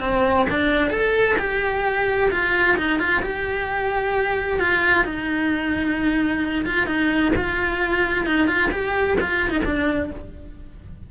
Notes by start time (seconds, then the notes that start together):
0.00 C4
0.50 D4
0.90 A4
1.39 G4
2.31 F4
2.77 D#4
2.99 F4
3.23 G4
4.59 F4
5.05 D#4
6.66 F4
6.87 D#4
7.36 F4
8.26 D#4
8.48 F4
8.71 G4
9.21 F4
9.50 D#4
9.65 D4